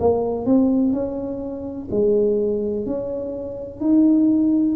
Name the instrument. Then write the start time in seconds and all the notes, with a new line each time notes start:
tuba
0.00 A#3
0.46 C4
0.93 C#4
1.91 G#3
2.86 C#4
3.81 D#4